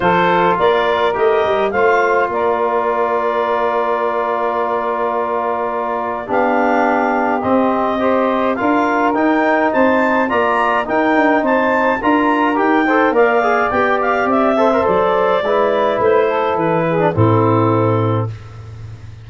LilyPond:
<<
  \new Staff \with { instrumentName = "clarinet" } { \time 4/4 \tempo 4 = 105 c''4 d''4 dis''4 f''4 | d''1~ | d''2. f''4~ | f''4 dis''2 f''4 |
g''4 a''4 ais''4 g''4 | a''4 ais''4 g''4 f''4 | g''8 f''8 e''4 d''2 | c''4 b'4 a'2 | }
  \new Staff \with { instrumentName = "saxophone" } { \time 4/4 a'4 ais'2 c''4 | ais'1~ | ais'2. g'4~ | g'2 c''4 ais'4~ |
ais'4 c''4 d''4 ais'4 | c''4 ais'4. c''8 d''4~ | d''4. c''4. b'4~ | b'8 a'4 gis'8 e'2 | }
  \new Staff \with { instrumentName = "trombone" } { \time 4/4 f'2 g'4 f'4~ | f'1~ | f'2. d'4~ | d'4 c'4 g'4 f'4 |
dis'2 f'4 dis'4~ | dis'4 f'4 g'8 a'8 ais'8 gis'8 | g'4. a'16 ais'16 a'4 e'4~ | e'4.~ e'16 d'16 c'2 | }
  \new Staff \with { instrumentName = "tuba" } { \time 4/4 f4 ais4 a8 g8 a4 | ais1~ | ais2. b4~ | b4 c'2 d'4 |
dis'4 c'4 ais4 dis'8 d'8 | c'4 d'4 dis'4 ais4 | b4 c'4 fis4 gis4 | a4 e4 a,2 | }
>>